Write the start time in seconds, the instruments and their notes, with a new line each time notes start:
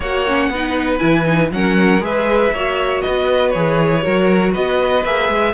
0.00 cello A#3, viola F#4, violin C#5 F#5
0.27 viola C#4
0.48 cello B3, viola D#4, violin B4
0.98 cello E3, viola E4, violin G#5
1.24 viola D#4
1.51 cello F#3, viola C#4, violin A#4 F#5
2.00 cello G#3, viola G#4, violin B4 E5
2.51 cello A#3, viola F#4, violin C#5
3.01 violin B4 D#5
3.07 cello B3
3.50 cello E3, viola G#4, violin C#5
4.02 cello F#3, viola F#4, violin A#4
4.52 cello B3, violin B4 D#5
5.04 cello A#3, viola G#4, violin E5
5.28 cello G#3